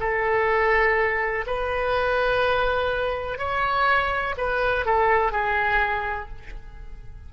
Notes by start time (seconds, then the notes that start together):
0.00 A4
1.46 B4
3.38 C#5
4.38 B4
4.85 A4
5.32 G#4